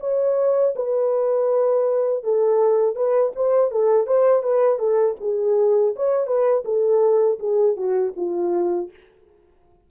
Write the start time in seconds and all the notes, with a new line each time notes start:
0.00 C#5
0.75 B4
2.24 A4
2.95 B4
3.35 C5
3.71 A4
4.07 C5
4.42 B4
4.78 A4
5.20 G#4
5.96 C#5
6.27 B4
6.65 A4
7.39 G#4
7.76 F#4
8.16 F4